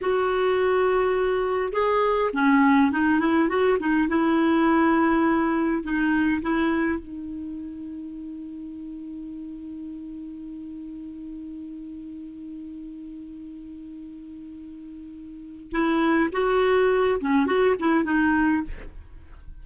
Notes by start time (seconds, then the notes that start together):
0.01 F#4
1.72 G#4
2.33 C#4
2.91 D#4
3.19 E4
3.48 F#4
3.79 D#4
4.08 E4
5.83 D#4
6.42 E4
6.98 D#4
15.71 E4
16.32 F#4
17.20 C#4
17.46 F#4
17.79 E4
18.04 D#4